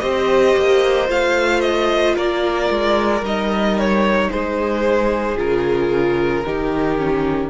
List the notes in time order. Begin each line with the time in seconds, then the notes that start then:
0.00 C4 G4 C5 D#5
0.57 A#3
1.08 A3 F4 F5
1.61 D#5
2.16 A#3 A#4 D5
2.70 G#3
3.22 G3 D#4 D#5
3.79 C#5
4.30 G#3 G#4 C5
5.36 C#3 F4 A#4
6.46 D#3 D#4 G4
6.98 C#4